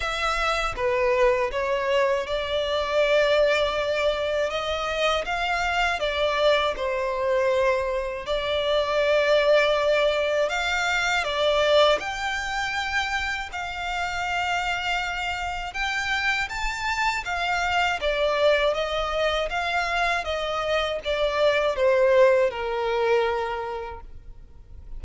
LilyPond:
\new Staff \with { instrumentName = "violin" } { \time 4/4 \tempo 4 = 80 e''4 b'4 cis''4 d''4~ | d''2 dis''4 f''4 | d''4 c''2 d''4~ | d''2 f''4 d''4 |
g''2 f''2~ | f''4 g''4 a''4 f''4 | d''4 dis''4 f''4 dis''4 | d''4 c''4 ais'2 | }